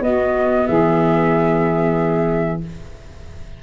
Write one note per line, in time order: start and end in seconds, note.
0.00 0.65 B3
0.00 2.61 B3
0.00 0.67 F#4
0.00 0.67 D#5
0.67 2.63 E3
0.67 2.61 G#4
0.67 2.61 E5